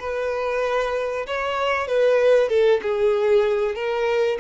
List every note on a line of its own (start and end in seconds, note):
0.00 1.26 B4
1.27 1.88 C#5
1.88 2.49 B4
2.49 2.80 A4
2.82 3.75 G#4
3.75 4.38 A#4